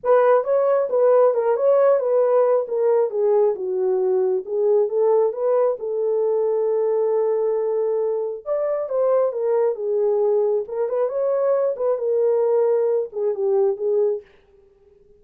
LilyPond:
\new Staff \with { instrumentName = "horn" } { \time 4/4 \tempo 4 = 135 b'4 cis''4 b'4 ais'8 cis''8~ | cis''8 b'4. ais'4 gis'4 | fis'2 gis'4 a'4 | b'4 a'2.~ |
a'2. d''4 | c''4 ais'4 gis'2 | ais'8 b'8 cis''4. b'8 ais'4~ | ais'4. gis'8 g'4 gis'4 | }